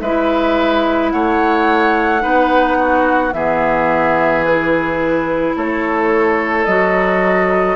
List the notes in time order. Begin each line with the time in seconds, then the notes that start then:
0.00 G#3 E4 B4 E5
1.11 A3 C#5 F#5
2.20 B3 D#4 B4
2.78 F#4
3.33 E3 B3 G#4 E5
4.44 E4 B4
5.56 A3 A4 C#5
6.65 F#3 F#4 D#5